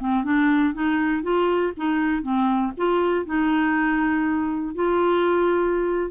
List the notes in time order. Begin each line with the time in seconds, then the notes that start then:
0.00 C4
0.24 D4
0.74 D#4
1.23 F4
1.77 D#4
2.23 C4
2.77 F4
3.26 D#4
4.75 F4